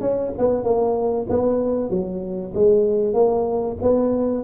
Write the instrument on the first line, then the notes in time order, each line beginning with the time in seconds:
tuba
0.00 C#4
0.38 B3
0.63 A#3
1.29 B3
1.89 F#3
2.54 G#3
3.13 A#3
3.81 B3